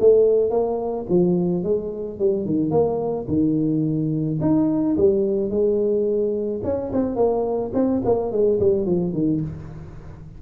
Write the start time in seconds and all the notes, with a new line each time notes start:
0.00 A3
0.51 A#3
1.09 F3
1.64 G#3
2.19 G3
2.46 D#3
2.71 A#3
3.28 D#3
4.41 D#4
4.97 G3
5.51 G#3
6.64 C#4
6.93 C4
7.16 A#3
7.74 C4
8.05 A#3
8.32 G#3
8.60 G3
8.86 F3
9.13 D#3